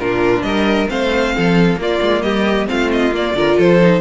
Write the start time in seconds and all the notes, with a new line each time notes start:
0.00 A#2 D4 F4 A#4
0.42 G3 A#4 D#5
0.88 A3 C4 C5 F5
1.36 F3 A4
1.76 A#3 F4 D5
2.01 G#3
2.22 G3 G4 D#5
2.67 A3 C4 F4 F5
2.92 D#5
3.11 A#3 D5
3.35 D3 F4 A#4
3.57 F3 A4 C5
3.82 D#4